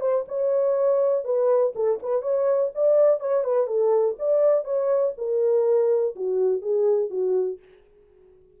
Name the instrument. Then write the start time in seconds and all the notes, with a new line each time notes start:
horn
0.00 C5
0.27 C#5
1.24 B4
1.75 A4
2.02 B4
2.22 C#5
2.74 D5
3.20 C#5
3.43 B4
3.67 A4
4.19 D5
4.64 C#5
5.17 A#4
6.15 F#4
6.61 G#4
7.10 F#4